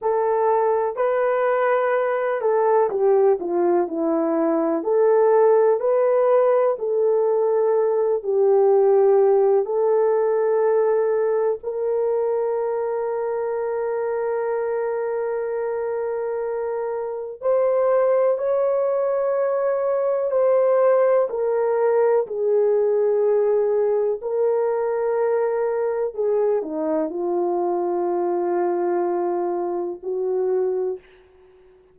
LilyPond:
\new Staff \with { instrumentName = "horn" } { \time 4/4 \tempo 4 = 62 a'4 b'4. a'8 g'8 f'8 | e'4 a'4 b'4 a'4~ | a'8 g'4. a'2 | ais'1~ |
ais'2 c''4 cis''4~ | cis''4 c''4 ais'4 gis'4~ | gis'4 ais'2 gis'8 dis'8 | f'2. fis'4 | }